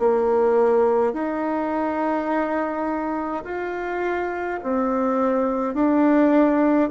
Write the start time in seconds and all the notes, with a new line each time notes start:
0.00 A#3
1.13 D#4
3.45 F4
4.64 C4
5.75 D4